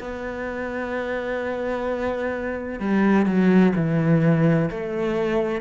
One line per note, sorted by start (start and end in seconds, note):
0.00 2.80 B3
2.80 3.26 G3
3.26 3.73 F#3
3.76 4.70 E3
4.70 5.61 A3